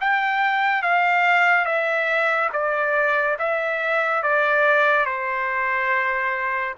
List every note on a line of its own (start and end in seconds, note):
0.00 0.82 G5
0.82 1.65 F5
1.65 2.50 E5
2.53 3.37 D5
3.39 4.23 E5
4.23 5.06 D5
5.06 6.75 C5